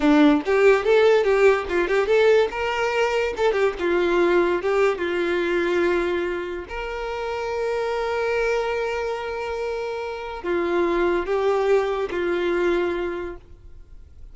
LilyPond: \new Staff \with { instrumentName = "violin" } { \time 4/4 \tempo 4 = 144 d'4 g'4 a'4 g'4 | f'8 g'8 a'4 ais'2 | a'8 g'8 f'2 g'4 | f'1 |
ais'1~ | ais'1~ | ais'4 f'2 g'4~ | g'4 f'2. | }